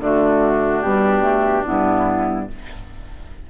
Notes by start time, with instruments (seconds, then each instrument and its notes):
0.00 bassoon D3, clarinet A3, oboe D4, flute F#4
0.81 bassoon B2, clarinet G3, flute G4
1.20 clarinet A3
1.65 bassoon G2, clarinet B3, flute E4